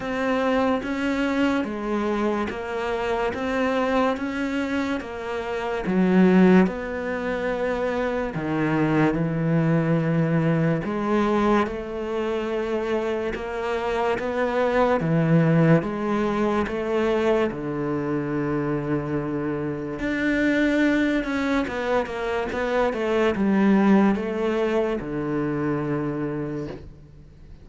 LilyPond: \new Staff \with { instrumentName = "cello" } { \time 4/4 \tempo 4 = 72 c'4 cis'4 gis4 ais4 | c'4 cis'4 ais4 fis4 | b2 dis4 e4~ | e4 gis4 a2 |
ais4 b4 e4 gis4 | a4 d2. | d'4. cis'8 b8 ais8 b8 a8 | g4 a4 d2 | }